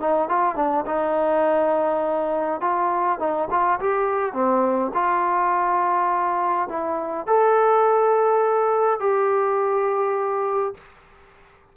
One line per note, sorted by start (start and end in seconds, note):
0.00 0.29 D#4
0.29 0.56 F4
0.56 0.85 D4
0.86 2.61 D#4
2.61 3.19 F4
3.19 3.48 D#4
3.51 3.80 F4
3.80 4.33 G4
4.33 4.91 C4
4.94 6.69 F4
6.69 7.27 E4
7.27 8.99 A4
8.99 10.74 G4